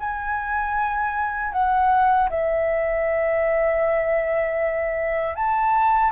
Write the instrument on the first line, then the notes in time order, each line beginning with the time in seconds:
flute
0.00 G#5
1.53 F#5
2.30 E5
5.36 A5